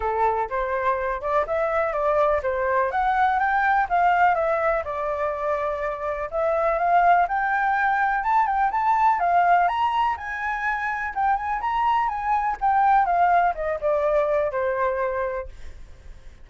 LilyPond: \new Staff \with { instrumentName = "flute" } { \time 4/4 \tempo 4 = 124 a'4 c''4. d''8 e''4 | d''4 c''4 fis''4 g''4 | f''4 e''4 d''2~ | d''4 e''4 f''4 g''4~ |
g''4 a''8 g''8 a''4 f''4 | ais''4 gis''2 g''8 gis''8 | ais''4 gis''4 g''4 f''4 | dis''8 d''4. c''2 | }